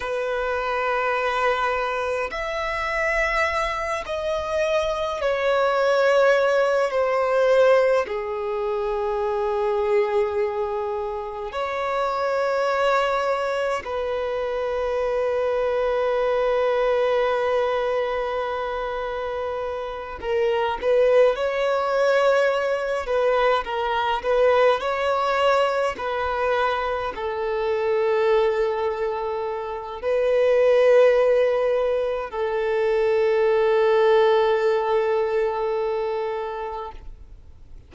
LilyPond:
\new Staff \with { instrumentName = "violin" } { \time 4/4 \tempo 4 = 52 b'2 e''4. dis''8~ | dis''8 cis''4. c''4 gis'4~ | gis'2 cis''2 | b'1~ |
b'4. ais'8 b'8 cis''4. | b'8 ais'8 b'8 cis''4 b'4 a'8~ | a'2 b'2 | a'1 | }